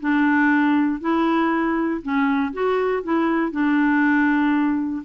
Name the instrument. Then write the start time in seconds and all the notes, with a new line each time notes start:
clarinet
0.00 D4
1.00 E4
2.02 C#4
2.53 F#4
3.03 E4
3.52 D4